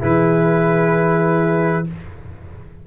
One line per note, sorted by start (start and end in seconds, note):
0.00 1.87 E3
0.00 1.85 E4
0.00 1.85 G#4
0.00 1.87 B4